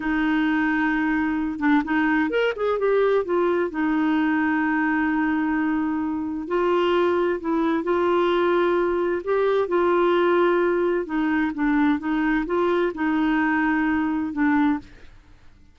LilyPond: \new Staff \with { instrumentName = "clarinet" } { \time 4/4 \tempo 4 = 130 dis'2.~ dis'8 d'8 | dis'4 ais'8 gis'8 g'4 f'4 | dis'1~ | dis'2 f'2 |
e'4 f'2. | g'4 f'2. | dis'4 d'4 dis'4 f'4 | dis'2. d'4 | }